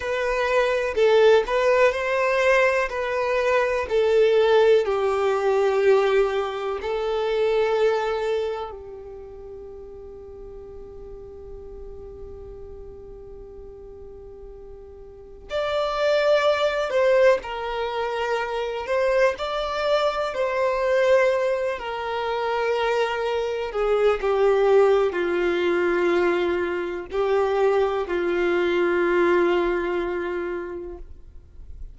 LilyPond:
\new Staff \with { instrumentName = "violin" } { \time 4/4 \tempo 4 = 62 b'4 a'8 b'8 c''4 b'4 | a'4 g'2 a'4~ | a'4 g'2.~ | g'1 |
d''4. c''8 ais'4. c''8 | d''4 c''4. ais'4.~ | ais'8 gis'8 g'4 f'2 | g'4 f'2. | }